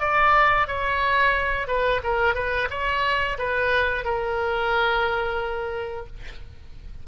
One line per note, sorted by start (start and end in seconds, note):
0.00 0.67 D5
0.67 1.67 C#5
1.67 2.01 B4
2.03 2.34 A#4
2.34 2.68 B4
2.70 3.37 C#5
3.38 4.04 B4
4.04 6.07 A#4